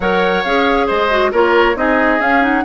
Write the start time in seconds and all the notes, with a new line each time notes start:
0.00 F#3 A#4 C#5 F#5
0.43 C#4 G#4 F5
0.86 G#3 C5 D#5
1.10 F#4
1.31 A#3 F4 A#4 C#5
1.75 C4 D#4 G#4 D#5
2.19 C#4 F5
2.41 D#4 F#5